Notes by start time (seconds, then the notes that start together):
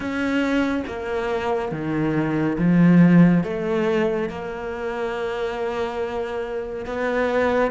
0.00 C#4
0.87 A#3
1.71 D#3
2.58 F3
3.43 A3
4.29 A#3
6.85 B3